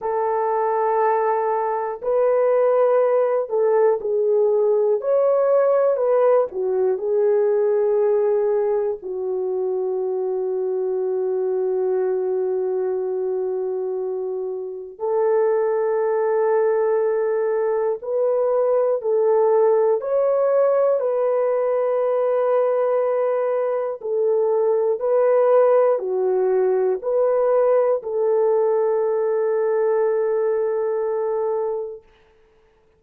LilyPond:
\new Staff \with { instrumentName = "horn" } { \time 4/4 \tempo 4 = 60 a'2 b'4. a'8 | gis'4 cis''4 b'8 fis'8 gis'4~ | gis'4 fis'2.~ | fis'2. a'4~ |
a'2 b'4 a'4 | cis''4 b'2. | a'4 b'4 fis'4 b'4 | a'1 | }